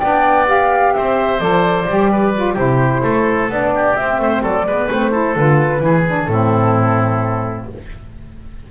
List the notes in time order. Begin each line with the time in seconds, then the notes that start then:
0.00 B3 D4 D5 G5
0.47 G4 F5
0.94 C4 C5 E5
1.40 F3 A4 D5
1.88 G3 G4
2.12 B4
2.35 F4
2.54 C3 E4 G4 C5
3.04 A3 A4
3.50 B3 D4 D5
3.75 G4
3.96 C4 E5
4.19 A3 C5
4.43 F#3 A4 D5
4.66 G#3 B3 B4
4.91 A3 C4 C5
5.11 E4 A4
5.37 D3 F4 B4
5.80 E3 E4 G#4
6.07 D4
6.25 A2 C4 A4
6.32 E4